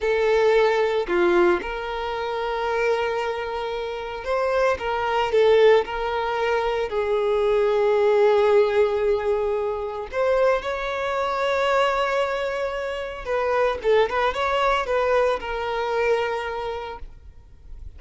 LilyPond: \new Staff \with { instrumentName = "violin" } { \time 4/4 \tempo 4 = 113 a'2 f'4 ais'4~ | ais'1 | c''4 ais'4 a'4 ais'4~ | ais'4 gis'2.~ |
gis'2. c''4 | cis''1~ | cis''4 b'4 a'8 b'8 cis''4 | b'4 ais'2. | }